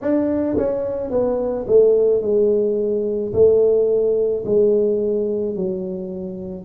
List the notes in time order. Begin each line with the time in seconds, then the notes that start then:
0.01 D4
0.57 C#4
1.10 B3
1.67 A3
2.21 G#3
3.33 A3
4.45 G#3
5.56 F#3